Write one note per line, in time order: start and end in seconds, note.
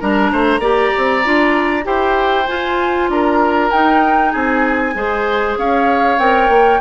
0.00 0.32 G3
0.00 0.61 D4
0.00 0.31 A#4
0.00 1.86 A#5
0.32 0.59 A3
0.32 0.60 C5
0.59 0.90 A#3
0.59 1.23 G4
0.59 1.84 D5
0.97 1.25 C4
1.24 1.86 D4
1.24 1.83 F4
1.83 2.48 E4
1.83 2.45 G4
1.83 3.10 C5
1.83 2.47 G5
2.47 3.72 F4
2.47 3.09 F4
2.47 3.08 G#5
3.09 3.71 D4
3.09 4.32 A#4
3.09 3.71 A#5
3.71 4.95 D#4
3.71 4.35 D#4
3.71 4.31 G5
4.31 4.95 C4
4.31 4.94 G#4
4.31 5.55 G#5
4.95 5.57 G#3
4.95 6.18 G#4
4.95 5.59 C5
5.57 6.18 C#4
5.57 6.81 C#5
5.57 6.19 F5
6.18 6.49 C4
6.18 6.81 A#4
6.18 6.81 G5
6.49 6.80 A#3